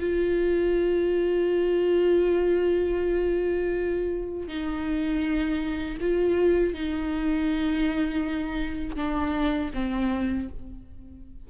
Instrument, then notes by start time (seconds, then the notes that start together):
viola
0.00 F4
4.48 D#4
6.01 F4
6.74 D#4
8.96 D4
9.74 C4